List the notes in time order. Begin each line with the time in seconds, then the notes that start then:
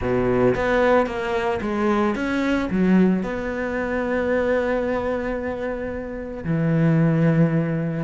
0.01 B2
0.55 B3
1.06 A#3
1.61 G#3
2.15 C#4
2.70 F#3
3.22 B3
6.44 E3